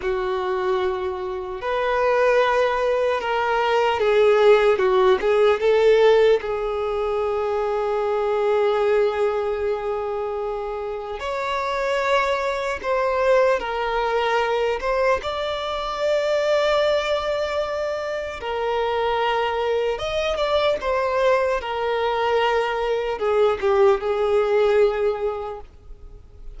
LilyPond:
\new Staff \with { instrumentName = "violin" } { \time 4/4 \tempo 4 = 75 fis'2 b'2 | ais'4 gis'4 fis'8 gis'8 a'4 | gis'1~ | gis'2 cis''2 |
c''4 ais'4. c''8 d''4~ | d''2. ais'4~ | ais'4 dis''8 d''8 c''4 ais'4~ | ais'4 gis'8 g'8 gis'2 | }